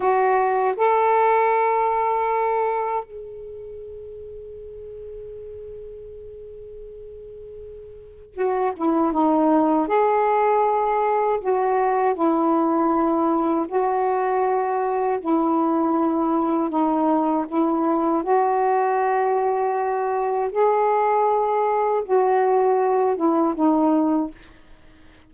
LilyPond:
\new Staff \with { instrumentName = "saxophone" } { \time 4/4 \tempo 4 = 79 fis'4 a'2. | gis'1~ | gis'2. fis'8 e'8 | dis'4 gis'2 fis'4 |
e'2 fis'2 | e'2 dis'4 e'4 | fis'2. gis'4~ | gis'4 fis'4. e'8 dis'4 | }